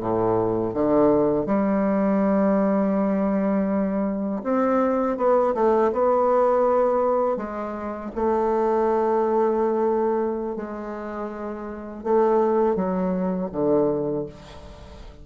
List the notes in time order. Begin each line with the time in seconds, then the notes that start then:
0.00 A2
0.74 D3
1.46 G3
4.43 C4
5.17 B3
5.54 A3
5.92 B3
7.37 G#3
8.15 A3
10.56 G#3
12.04 A3
12.75 F#3
13.52 D3